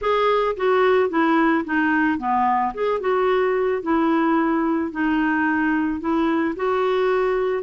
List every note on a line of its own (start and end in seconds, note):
0.01 0.55 G#4
0.56 1.09 F#4
1.09 1.64 E4
1.65 2.18 D#4
2.18 2.73 B3
2.74 3.00 G#4
3.00 3.82 F#4
3.82 4.91 E4
4.91 6.00 D#4
6.00 6.55 E4
6.56 7.63 F#4